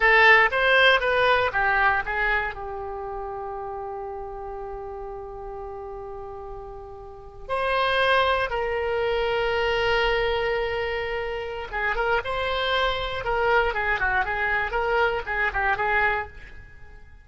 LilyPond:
\new Staff \with { instrumentName = "oboe" } { \time 4/4 \tempo 4 = 118 a'4 c''4 b'4 g'4 | gis'4 g'2.~ | g'1~ | g'2~ g'8. c''4~ c''16~ |
c''8. ais'2.~ ais'16~ | ais'2. gis'8 ais'8 | c''2 ais'4 gis'8 fis'8 | gis'4 ais'4 gis'8 g'8 gis'4 | }